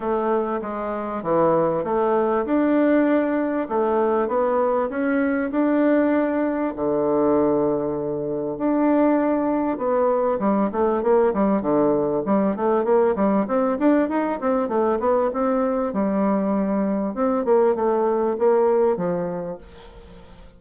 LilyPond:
\new Staff \with { instrumentName = "bassoon" } { \time 4/4 \tempo 4 = 98 a4 gis4 e4 a4 | d'2 a4 b4 | cis'4 d'2 d4~ | d2 d'2 |
b4 g8 a8 ais8 g8 d4 | g8 a8 ais8 g8 c'8 d'8 dis'8 c'8 | a8 b8 c'4 g2 | c'8 ais8 a4 ais4 f4 | }